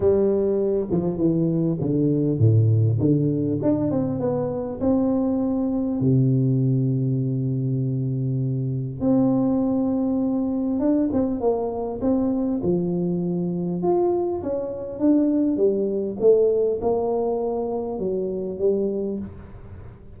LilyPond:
\new Staff \with { instrumentName = "tuba" } { \time 4/4 \tempo 4 = 100 g4. f8 e4 d4 | a,4 d4 d'8 c'8 b4 | c'2 c2~ | c2. c'4~ |
c'2 d'8 c'8 ais4 | c'4 f2 f'4 | cis'4 d'4 g4 a4 | ais2 fis4 g4 | }